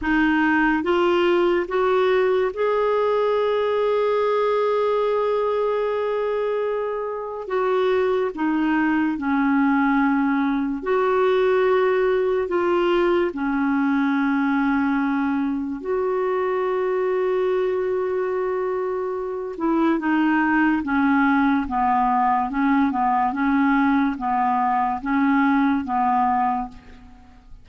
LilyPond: \new Staff \with { instrumentName = "clarinet" } { \time 4/4 \tempo 4 = 72 dis'4 f'4 fis'4 gis'4~ | gis'1~ | gis'4 fis'4 dis'4 cis'4~ | cis'4 fis'2 f'4 |
cis'2. fis'4~ | fis'2.~ fis'8 e'8 | dis'4 cis'4 b4 cis'8 b8 | cis'4 b4 cis'4 b4 | }